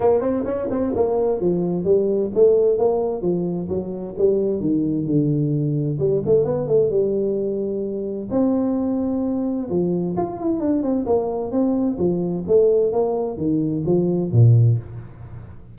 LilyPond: \new Staff \with { instrumentName = "tuba" } { \time 4/4 \tempo 4 = 130 ais8 c'8 cis'8 c'8 ais4 f4 | g4 a4 ais4 f4 | fis4 g4 dis4 d4~ | d4 g8 a8 b8 a8 g4~ |
g2 c'2~ | c'4 f4 f'8 e'8 d'8 c'8 | ais4 c'4 f4 a4 | ais4 dis4 f4 ais,4 | }